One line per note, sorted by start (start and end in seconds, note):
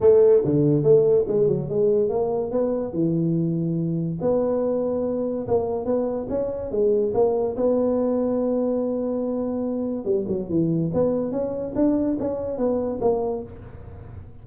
0.00 0.42 A3
0.44 0.83 D3
0.83 1.25 A3
1.27 1.48 G#3
1.48 1.69 F#3
1.69 2.09 G#3
2.09 2.51 A#3
2.51 2.92 B3
2.92 4.18 E3
4.21 5.47 B3
5.47 5.85 A#3
5.85 6.27 B3
6.29 6.71 C#4
6.71 7.13 G#3
7.13 7.55 A#3
7.56 10.04 B3
10.04 10.25 G3
10.28 10.49 F#3
10.49 10.91 E3
10.93 11.31 B3
11.31 11.73 C#4
11.75 12.17 D4
12.19 12.57 C#4
12.57 12.99 B3
13.01 13.42 A#3